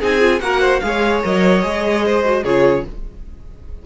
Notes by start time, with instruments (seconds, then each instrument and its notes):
0.00 cello C4, viola D#4, violin G#4 G#5
0.20 viola F4
0.40 cello A#3, viola F#4, violin A#4 F#5
0.61 violin C5
0.80 cello G#3, viola G#4, violin F5
0.87 violin C#5
1.23 cello F#3, viola A#4, violin D#5
1.62 cello G#3, viola G#4
2.06 violin C5
2.25 viola F#4
2.44 cello C#3, viola F4, violin G#4 C#5